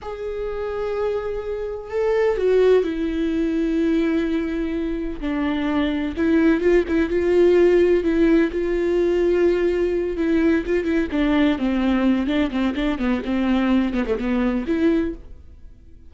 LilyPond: \new Staff \with { instrumentName = "viola" } { \time 4/4 \tempo 4 = 127 gis'1 | a'4 fis'4 e'2~ | e'2. d'4~ | d'4 e'4 f'8 e'8 f'4~ |
f'4 e'4 f'2~ | f'4. e'4 f'8 e'8 d'8~ | d'8 c'4. d'8 c'8 d'8 b8 | c'4. b16 a16 b4 e'4 | }